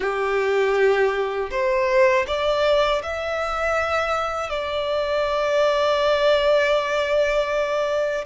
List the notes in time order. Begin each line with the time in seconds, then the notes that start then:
0.00 G4
1.50 C5
2.27 D5
3.02 E5
4.49 D5